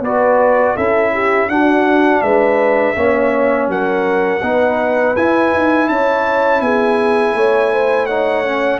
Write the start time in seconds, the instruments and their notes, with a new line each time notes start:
0.00 tuba B3, trombone F#4, horn B4, trumpet D5
0.76 tuba C#4, trombone E4, horn A4, trumpet E5
1.13 horn G4
1.48 tuba D4, trombone D4, horn F#4, trumpet F#5
2.22 tuba G#3, horn B4, trumpet E5
2.95 tuba A#3, trombone C#4, horn C#5
3.68 tuba F#3, horn A#4, trumpet F#5
4.42 tuba B3, trombone D#4, horn B4
5.16 tuba E4, trombone E4, trumpet G#5
5.54 tuba D#4
5.88 tuba C#4, horn C#5, trumpet A5
6.61 tuba B3, horn G#4, trumpet G#5
7.34 tuba A3, horn C#5
7.73 horn C5
8.06 trombone D#4, horn C#5, trumpet F#5
8.45 trombone C#4